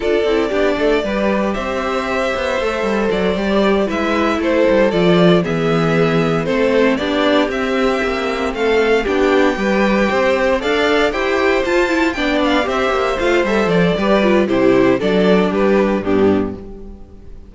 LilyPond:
<<
  \new Staff \with { instrumentName = "violin" } { \time 4/4 \tempo 4 = 116 d''2. e''4~ | e''2 d''4. e''8~ | e''8 c''4 d''4 e''4.~ | e''8 c''4 d''4 e''4.~ |
e''8 f''4 g''2~ g''8~ | g''8 f''4 g''4 a''4 g''8 | f''8 e''4 f''8 e''8 d''4. | c''4 d''4 b'4 g'4 | }
  \new Staff \with { instrumentName = "violin" } { \time 4/4 a'4 g'8 a'8 b'4 c''4~ | c''2.~ c''8 b'8~ | b'8 a'2 gis'4.~ | gis'8 a'4 g'2~ g'8~ |
g'8 a'4 g'4 b'4 c''8~ | c''8 d''4 c''2 d''8~ | d''8 c''2~ c''8 b'4 | g'4 a'4 g'4 d'4 | }
  \new Staff \with { instrumentName = "viola" } { \time 4/4 f'8 e'8 d'4 g'2~ | g'4 a'4. g'4 e'8~ | e'4. f'4 b4.~ | b8 c'4 d'4 c'4.~ |
c'4. d'4 g'4.~ | g'8 a'4 g'4 f'8 e'8 d'8~ | d'8 g'4 f'8 a'4 g'8 f'8 | e'4 d'2 b4 | }
  \new Staff \with { instrumentName = "cello" } { \time 4/4 d'8 c'8 b8 a8 g4 c'4~ | c'8 b8 a8 g8 fis8 g4 gis8~ | gis8 a8 g8 f4 e4.~ | e8 a4 b4 c'4 ais8~ |
ais8 a4 b4 g4 c'8~ | c'8 d'4 e'4 f'4 b8~ | b8 c'8 ais8 a8 g8 f8 g4 | c4 fis4 g4 g,4 | }
>>